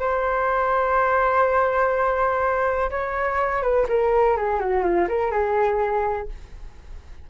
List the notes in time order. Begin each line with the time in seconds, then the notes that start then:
0.00 C5
2.91 C#5
3.62 B4
3.89 A#4
4.37 G#4
4.60 F#4
4.84 F4
5.09 A#4
5.31 G#4